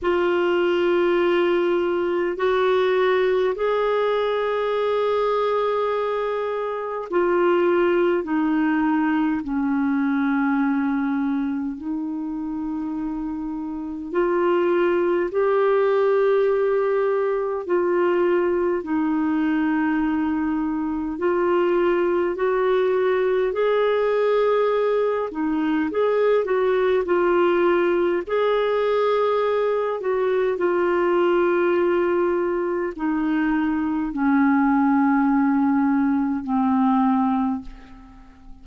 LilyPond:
\new Staff \with { instrumentName = "clarinet" } { \time 4/4 \tempo 4 = 51 f'2 fis'4 gis'4~ | gis'2 f'4 dis'4 | cis'2 dis'2 | f'4 g'2 f'4 |
dis'2 f'4 fis'4 | gis'4. dis'8 gis'8 fis'8 f'4 | gis'4. fis'8 f'2 | dis'4 cis'2 c'4 | }